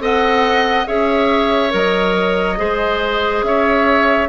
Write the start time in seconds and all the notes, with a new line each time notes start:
0.00 C4 A4 D#5 F#5
0.87 C#4 G#4 C#5 E5
1.70 F#3 A#4 D#5
2.57 G#3 G#4 C5
3.43 C#4 C#5 E5